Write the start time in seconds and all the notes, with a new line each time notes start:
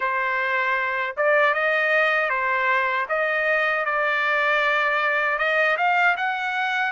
0.00 C5
1.16 D5
1.54 D#5
2.29 C5
3.08 D#5
3.85 D5
5.38 D#5
5.77 F5
6.16 F#5